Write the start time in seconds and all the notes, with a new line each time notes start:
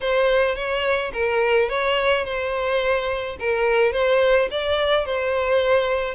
0.00 C5
0.55 C#5
1.13 A#4
1.69 C#5
2.24 C5
3.39 A#4
3.92 C5
4.50 D5
5.05 C5